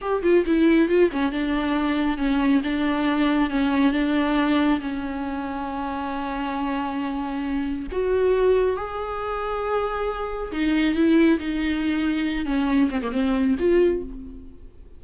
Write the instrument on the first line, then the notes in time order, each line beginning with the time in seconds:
viola
0.01 G4
0.22 F4
0.46 E4
0.88 F4
1.11 C#4
1.32 D4
2.17 C#4
2.63 D4
3.49 C#4
3.92 D4
4.80 C#4
7.91 F#4
8.76 G#4
10.51 D#4
10.95 E4
11.39 D#4
12.45 C#4
12.90 C4
13.02 A#3
13.11 C4
13.59 F4